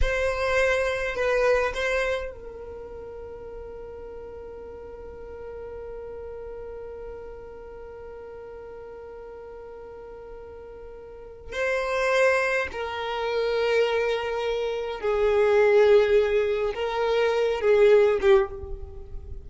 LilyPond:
\new Staff \with { instrumentName = "violin" } { \time 4/4 \tempo 4 = 104 c''2 b'4 c''4 | ais'1~ | ais'1~ | ais'1~ |
ais'1 | c''2 ais'2~ | ais'2 gis'2~ | gis'4 ais'4. gis'4 g'8 | }